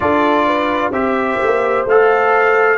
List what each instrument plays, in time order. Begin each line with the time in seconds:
0.00 tuba D4, trombone F4, horn A4, trumpet D5
0.46 horn B4
0.91 tuba C4, trombone G4, horn C5, trumpet E5
1.42 tuba A#3
1.85 tuba A3, trombone A4, trumpet F5